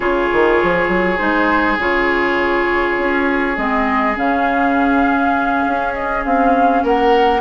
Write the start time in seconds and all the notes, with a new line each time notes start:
0.00 C#3 F4 G#4 C#5
0.33 D#3
0.62 F3
0.88 F#3
1.17 G#3 D#4 C5
1.77 C#3 F4 C#5
2.97 C#4
3.57 G#3 C4 D#5
4.14 C#3 C#4 F5
5.66 C#4
5.94 D#5
6.25 C4 F5
6.83 A#3 A#4 F#5